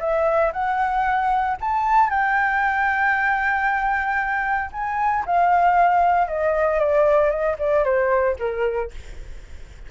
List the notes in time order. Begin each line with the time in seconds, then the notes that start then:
0.00 E5
0.53 F#5
1.61 A5
2.10 G5
4.73 G#5
5.26 F5
6.28 D#5
6.80 D5
7.30 D#5
7.59 D5
7.85 C5
8.39 A#4